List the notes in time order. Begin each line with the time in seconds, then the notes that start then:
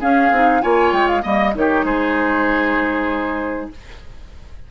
0.00 C#4 G#4 F5
0.31 C4 D#4
0.62 A#3 F4 C#5 G#5
0.92 G#3 G5
1.08 F5
1.22 G3 A#3 D#5
1.55 D#3 D#4 G4 C#5
1.84 G#3 G#4 C5